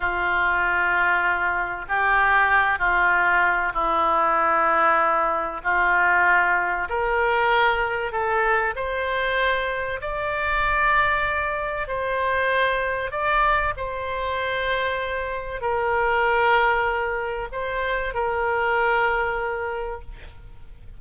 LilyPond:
\new Staff \with { instrumentName = "oboe" } { \time 4/4 \tempo 4 = 96 f'2. g'4~ | g'8 f'4. e'2~ | e'4 f'2 ais'4~ | ais'4 a'4 c''2 |
d''2. c''4~ | c''4 d''4 c''2~ | c''4 ais'2. | c''4 ais'2. | }